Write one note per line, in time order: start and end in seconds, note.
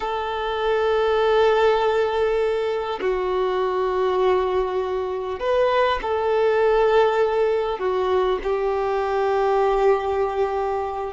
0.00 2.99 A4
3.00 5.39 F#4
5.39 5.99 B4
6.02 7.78 A4
7.78 8.38 F#4
8.43 11.13 G4